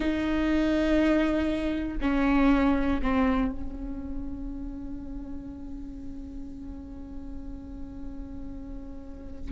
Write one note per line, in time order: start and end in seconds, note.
0.00 1.97 D#4
2.01 3.01 C#4
3.02 3.51 C4
3.51 9.51 C#4